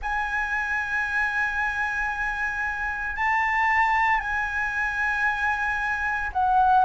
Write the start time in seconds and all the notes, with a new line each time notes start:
0.02 G#5
3.16 A5
4.20 G#5
6.32 F#5